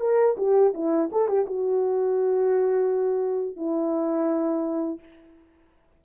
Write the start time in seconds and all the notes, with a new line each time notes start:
0.00 A#4
0.38 G4
0.74 E4
1.12 A4
1.28 G4
1.46 F#4
3.57 E4